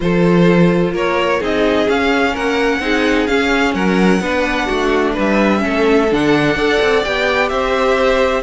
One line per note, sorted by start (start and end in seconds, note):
0.00 0.93 F3
0.00 1.40 F4
0.00 0.93 A4
0.00 0.94 C5
0.93 1.39 A#3
0.93 1.40 A#4
0.93 1.42 C#5
1.40 1.87 C4
1.40 1.87 D#4
1.40 2.32 G#4
1.40 1.89 D#5
1.87 2.81 C#4
1.87 2.35 C#4
1.87 2.35 F5
2.32 2.79 A#3
2.32 2.79 A#4
2.32 3.26 F#5
2.79 3.26 C4
2.79 3.28 D#4
2.79 3.74 G#4
3.26 4.21 C#4
3.26 3.74 C#4
3.26 3.73 F5
3.74 4.20 F#3
3.74 4.21 A#4
3.74 5.15 F#5
4.20 4.67 B3
4.20 5.58 D4
4.20 4.66 B4
4.66 5.17 A3
4.66 5.13 F#4
5.13 5.64 G3
5.13 5.60 B4
5.19 6.13 E5
5.58 6.05 C#4
5.58 6.56 A4
5.65 6.11 A3
6.11 6.55 D3
6.11 6.57 D4
6.11 7.04 F#5
6.55 6.78 D4
6.55 7.04 A4
6.55 7.50 D5
6.81 7.04 C4
7.04 7.50 B3
7.04 8.42 G4
7.04 7.48 G5
7.48 8.42 C4
7.48 8.42 C5
7.48 8.42 E5